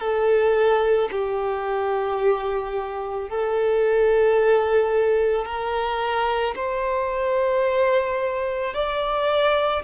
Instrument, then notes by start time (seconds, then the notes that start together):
violin
0.00 A4
1.12 G4
3.30 A4
5.46 A#4
6.56 C5
8.74 D5